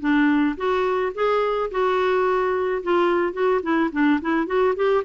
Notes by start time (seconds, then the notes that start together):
0.00 D4
0.57 F#4
1.15 G#4
1.71 F#4
2.83 F4
3.33 F#4
3.63 E4
3.92 D4
4.21 E4
4.46 F#4
4.76 G4